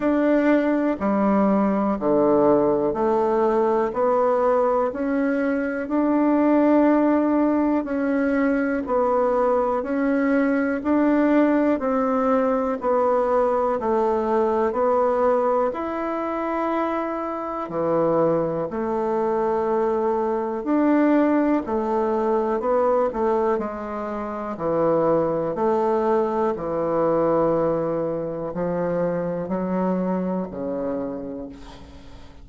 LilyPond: \new Staff \with { instrumentName = "bassoon" } { \time 4/4 \tempo 4 = 61 d'4 g4 d4 a4 | b4 cis'4 d'2 | cis'4 b4 cis'4 d'4 | c'4 b4 a4 b4 |
e'2 e4 a4~ | a4 d'4 a4 b8 a8 | gis4 e4 a4 e4~ | e4 f4 fis4 cis4 | }